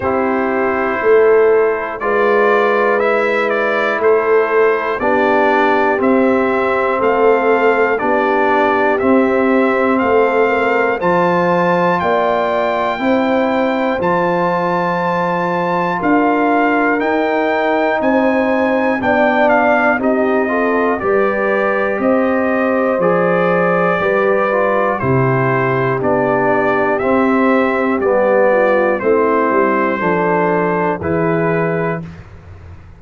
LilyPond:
<<
  \new Staff \with { instrumentName = "trumpet" } { \time 4/4 \tempo 4 = 60 c''2 d''4 e''8 d''8 | c''4 d''4 e''4 f''4 | d''4 e''4 f''4 a''4 | g''2 a''2 |
f''4 g''4 gis''4 g''8 f''8 | dis''4 d''4 dis''4 d''4~ | d''4 c''4 d''4 e''4 | d''4 c''2 b'4 | }
  \new Staff \with { instrumentName = "horn" } { \time 4/4 g'4 a'4 b'2 | a'4 g'2 a'4 | g'2 a'8 ais'8 c''4 | d''4 c''2. |
ais'2 c''4 d''4 | g'8 a'8 b'4 c''2 | b'4 g'2.~ | g'8 f'8 e'4 a'4 gis'4 | }
  \new Staff \with { instrumentName = "trombone" } { \time 4/4 e'2 f'4 e'4~ | e'4 d'4 c'2 | d'4 c'2 f'4~ | f'4 e'4 f'2~ |
f'4 dis'2 d'4 | dis'8 f'8 g'2 gis'4 | g'8 f'8 e'4 d'4 c'4 | b4 c'4 d'4 e'4 | }
  \new Staff \with { instrumentName = "tuba" } { \time 4/4 c'4 a4 gis2 | a4 b4 c'4 a4 | b4 c'4 a4 f4 | ais4 c'4 f2 |
d'4 dis'4 c'4 b4 | c'4 g4 c'4 f4 | g4 c4 b4 c'4 | g4 a8 g8 f4 e4 | }
>>